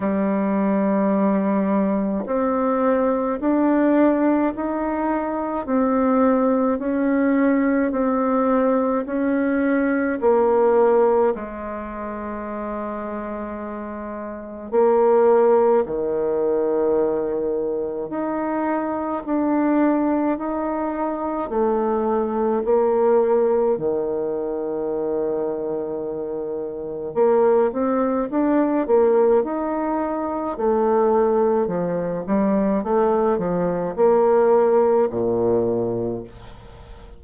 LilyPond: \new Staff \with { instrumentName = "bassoon" } { \time 4/4 \tempo 4 = 53 g2 c'4 d'4 | dis'4 c'4 cis'4 c'4 | cis'4 ais4 gis2~ | gis4 ais4 dis2 |
dis'4 d'4 dis'4 a4 | ais4 dis2. | ais8 c'8 d'8 ais8 dis'4 a4 | f8 g8 a8 f8 ais4 ais,4 | }